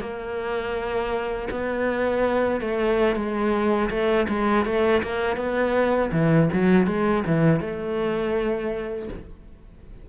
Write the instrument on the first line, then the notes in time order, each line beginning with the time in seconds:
cello
0.00 A#3
1.51 B3
2.61 A3
3.15 G#3
3.90 A3
4.28 G#3
4.65 A3
5.03 A#3
5.36 B3
6.12 E3
6.53 F#3
6.86 G#3
7.26 E3
7.60 A3